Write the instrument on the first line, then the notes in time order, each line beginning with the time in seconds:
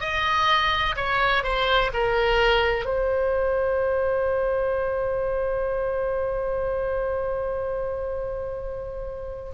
oboe
0.00 D#5
0.96 C#5
1.44 C5
1.94 A#4
2.85 C5